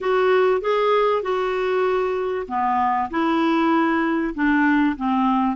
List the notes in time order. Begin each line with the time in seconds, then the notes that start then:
0.00 F#4
0.61 G#4
1.22 F#4
2.47 B3
3.10 E4
4.34 D4
4.97 C4